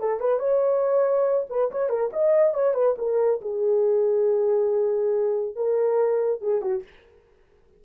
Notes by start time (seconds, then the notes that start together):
0.00 A4
0.20 B4
0.39 C#5
1.50 B4
1.71 C#5
1.89 A#4
2.13 D#5
2.54 C#5
2.74 B4
2.98 A#4
3.41 G#4
5.56 A#4
6.41 G#4
6.62 F#4